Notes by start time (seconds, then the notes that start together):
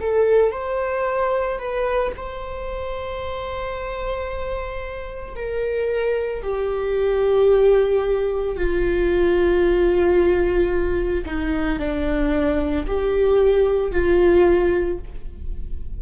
0.00 A4
0.51 C5
1.58 B4
2.16 C5
5.36 A#4
6.43 G4
8.57 F4
11.25 D#4
11.79 D4
12.87 G4
13.91 F4